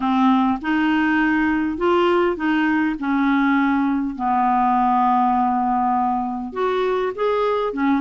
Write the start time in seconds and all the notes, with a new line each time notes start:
0.00 C4
0.61 D#4
1.77 F4
2.36 D#4
2.99 C#4
4.15 B3
6.52 F#4
7.15 G#4
7.73 C#4